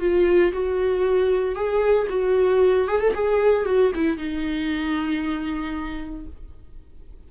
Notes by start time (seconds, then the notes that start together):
0.00 F4
0.53 F#4
1.55 G#4
2.09 F#4
2.88 G#4
3.00 A4
3.14 G#4
3.66 F#4
3.95 E4
4.17 D#4